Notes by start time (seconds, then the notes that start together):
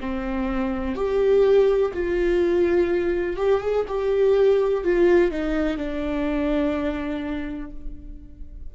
0.00 C4
0.95 G4
1.93 F4
3.36 G4
3.61 G#4
3.88 G4
4.83 F4
5.31 D#4
5.77 D4